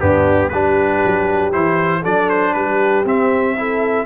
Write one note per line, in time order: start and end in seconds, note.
0.00 0.51 G2
0.00 0.51 B3
0.00 0.51 D4
0.00 0.49 G4
0.49 1.02 G3
0.49 1.51 D4
0.49 2.01 G4
0.49 1.50 B4
1.05 1.54 F#3
1.51 2.05 E3
1.51 2.02 E4
1.51 2.03 C5
2.01 2.54 F#3
2.01 3.05 D4
2.01 2.52 A4
2.01 2.29 D5
2.29 2.54 C5
2.54 3.04 G3
2.54 3.56 G4
2.54 3.04 B4
3.04 4.06 C4
3.04 3.56 C4
3.04 4.06 E5
3.56 4.06 E4
3.56 4.06 A4